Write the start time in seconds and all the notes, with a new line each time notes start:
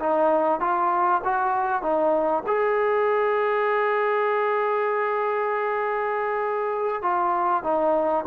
0.00 D#4
0.60 F4
1.25 F#4
1.83 D#4
2.47 G#4
7.03 F4
7.64 D#4